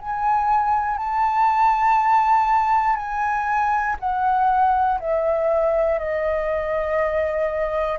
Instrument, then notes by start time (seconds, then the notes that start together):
flute
0.00 G#5
0.98 A5
2.96 G#5
4.00 F#5
5.00 E5
5.99 D#5